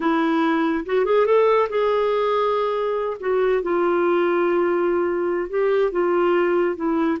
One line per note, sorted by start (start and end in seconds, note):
0.00 0.85 E4
0.85 1.05 F#4
1.05 1.26 G#4
1.26 1.68 A4
1.69 3.17 G#4
3.20 3.62 F#4
3.62 5.49 F4
5.49 5.91 G4
5.91 6.75 F4
6.75 7.18 E4